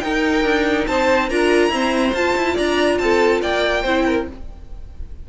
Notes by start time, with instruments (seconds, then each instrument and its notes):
0.00 viola D#4, cello D#4, violin A#4 G5
0.44 cello D4
0.87 cello C4, violin C5 A5
1.29 cello D4, viola F4, violin A#4 A#5
1.69 viola C4, cello E4, violin C5
2.14 cello F4, viola F4, violin A5
2.36 cello E4
2.54 cello D4, violin D5 A#5
2.98 cello C4, violin A4 A5
3.42 cello A#3, violin D5 G5
3.82 cello C4, viola E4, violin C5
4.06 violin A#4